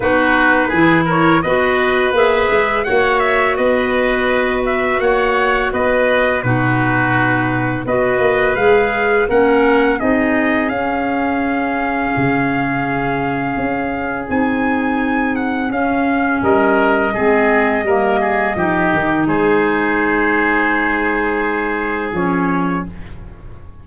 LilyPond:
<<
  \new Staff \with { instrumentName = "trumpet" } { \time 4/4 \tempo 4 = 84 b'4. cis''8 dis''4 e''4 | fis''8 e''8 dis''4. e''8 fis''4 | dis''4 b'2 dis''4 | f''4 fis''4 dis''4 f''4~ |
f''1 | gis''4. fis''8 f''4 dis''4~ | dis''2. c''4~ | c''2. cis''4 | }
  \new Staff \with { instrumentName = "oboe" } { \time 4/4 fis'4 gis'8 ais'8 b'2 | cis''4 b'2 cis''4 | b'4 fis'2 b'4~ | b'4 ais'4 gis'2~ |
gis'1~ | gis'2. ais'4 | gis'4 ais'8 gis'8 g'4 gis'4~ | gis'1 | }
  \new Staff \with { instrumentName = "clarinet" } { \time 4/4 dis'4 e'4 fis'4 gis'4 | fis'1~ | fis'4 dis'2 fis'4 | gis'4 cis'4 dis'4 cis'4~ |
cis'1 | dis'2 cis'2 | c'4 ais4 dis'2~ | dis'2. cis'4 | }
  \new Staff \with { instrumentName = "tuba" } { \time 4/4 b4 e4 b4 ais8 gis8 | ais4 b2 ais4 | b4 b,2 b8 ais8 | gis4 ais4 c'4 cis'4~ |
cis'4 cis2 cis'4 | c'2 cis'4 g4 | gis4 g4 f8 dis8 gis4~ | gis2. f4 | }
>>